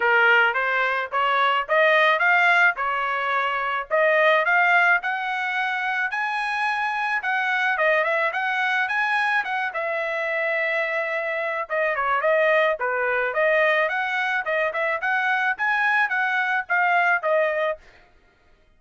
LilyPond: \new Staff \with { instrumentName = "trumpet" } { \time 4/4 \tempo 4 = 108 ais'4 c''4 cis''4 dis''4 | f''4 cis''2 dis''4 | f''4 fis''2 gis''4~ | gis''4 fis''4 dis''8 e''8 fis''4 |
gis''4 fis''8 e''2~ e''8~ | e''4 dis''8 cis''8 dis''4 b'4 | dis''4 fis''4 dis''8 e''8 fis''4 | gis''4 fis''4 f''4 dis''4 | }